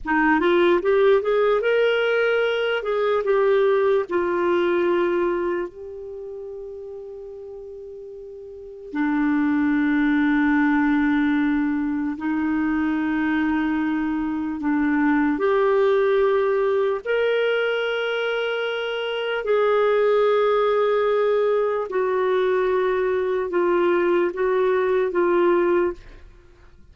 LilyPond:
\new Staff \with { instrumentName = "clarinet" } { \time 4/4 \tempo 4 = 74 dis'8 f'8 g'8 gis'8 ais'4. gis'8 | g'4 f'2 g'4~ | g'2. d'4~ | d'2. dis'4~ |
dis'2 d'4 g'4~ | g'4 ais'2. | gis'2. fis'4~ | fis'4 f'4 fis'4 f'4 | }